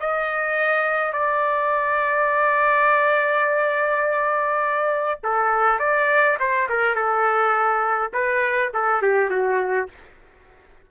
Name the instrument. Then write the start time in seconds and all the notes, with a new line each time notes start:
trumpet
0.00 D#5
1.13 D5
5.23 A4
5.79 D5
6.39 C5
6.69 A#4
6.95 A4
8.13 B4
8.74 A4
9.02 G4
9.30 F#4